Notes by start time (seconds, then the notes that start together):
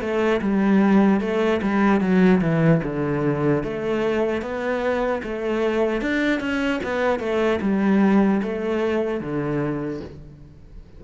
0.00 A3
0.41 G3
1.20 A3
1.62 G3
2.00 F#3
2.41 E3
2.83 D3
3.63 A3
4.41 B3
5.23 A3
6.01 D4
6.40 C#4
6.83 B3
7.19 A3
7.61 G3
8.43 A3
9.20 D3